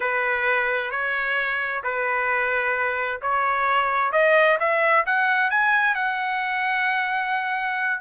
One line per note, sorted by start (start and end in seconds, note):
0.00 0.90 B4
0.90 1.82 C#5
1.83 3.21 B4
3.21 4.12 C#5
4.12 4.57 D#5
4.59 5.05 E5
5.05 5.50 F#5
5.50 5.95 G#5
5.95 8.01 F#5